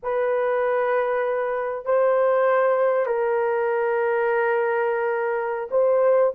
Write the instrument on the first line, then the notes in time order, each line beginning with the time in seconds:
horn
0.03 B4
1.85 C5
3.06 A#4
5.70 C5